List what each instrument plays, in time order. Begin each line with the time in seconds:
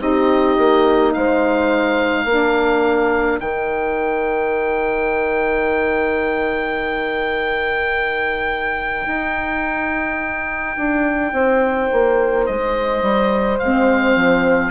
0.00 bassoon C4, saxophone D#4, horn G4, oboe D#5
0.58 bassoon A#3
1.13 bassoon G#3, horn C5, oboe F5
2.25 bassoon A#3, saxophone D4, horn A#4
3.40 bassoon D#3, saxophone D#4, oboe G5
9.07 bassoon D#4
10.77 bassoon D4
11.32 bassoon C4, horn C5
11.92 bassoon A#3
12.46 bassoon G#3, oboe D#5
13.02 bassoon G3
13.58 bassoon G#3, saxophone C4, oboe F5
14.16 bassoon F3